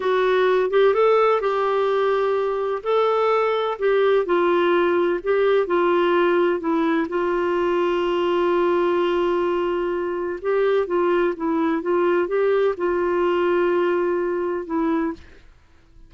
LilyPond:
\new Staff \with { instrumentName = "clarinet" } { \time 4/4 \tempo 4 = 127 fis'4. g'8 a'4 g'4~ | g'2 a'2 | g'4 f'2 g'4 | f'2 e'4 f'4~ |
f'1~ | f'2 g'4 f'4 | e'4 f'4 g'4 f'4~ | f'2. e'4 | }